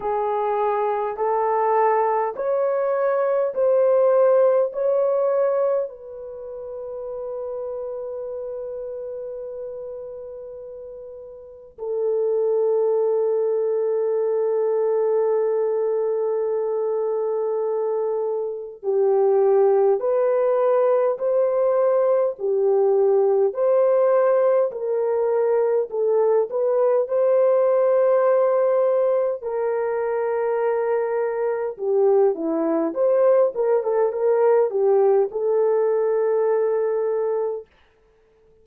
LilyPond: \new Staff \with { instrumentName = "horn" } { \time 4/4 \tempo 4 = 51 gis'4 a'4 cis''4 c''4 | cis''4 b'2.~ | b'2 a'2~ | a'1 |
g'4 b'4 c''4 g'4 | c''4 ais'4 a'8 b'8 c''4~ | c''4 ais'2 g'8 e'8 | c''8 ais'16 a'16 ais'8 g'8 a'2 | }